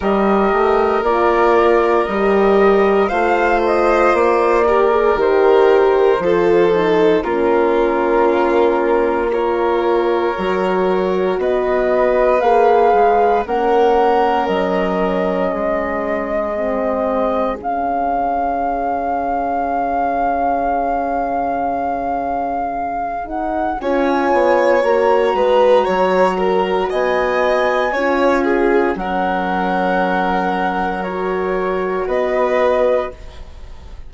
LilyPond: <<
  \new Staff \with { instrumentName = "flute" } { \time 4/4 \tempo 4 = 58 dis''4 d''4 dis''4 f''8 dis''8 | d''4 c''2 ais'4~ | ais'4 cis''2 dis''4 | f''4 fis''4 dis''2~ |
dis''4 f''2.~ | f''2~ f''8 fis''8 gis''4 | ais''2 gis''2 | fis''2 cis''4 dis''4 | }
  \new Staff \with { instrumentName = "violin" } { \time 4/4 ais'2. c''4~ | c''8 ais'4. a'4 f'4~ | f'4 ais'2 b'4~ | b'4 ais'2 gis'4~ |
gis'1~ | gis'2. cis''4~ | cis''8 b'8 cis''8 ais'8 dis''4 cis''8 gis'8 | ais'2. b'4 | }
  \new Staff \with { instrumentName = "horn" } { \time 4/4 g'4 f'4 g'4 f'4~ | f'8 g'16 gis'16 g'4 f'8 dis'8 cis'4~ | cis'4 f'4 fis'2 | gis'4 cis'2. |
c'4 cis'2.~ | cis'2~ cis'8 dis'8 f'4 | fis'2. f'4 | cis'2 fis'2 | }
  \new Staff \with { instrumentName = "bassoon" } { \time 4/4 g8 a8 ais4 g4 a4 | ais4 dis4 f4 ais4~ | ais2 fis4 b4 | ais8 gis8 ais4 fis4 gis4~ |
gis4 cis2.~ | cis2. cis'8 b8 | ais8 gis8 fis4 b4 cis'4 | fis2. b4 | }
>>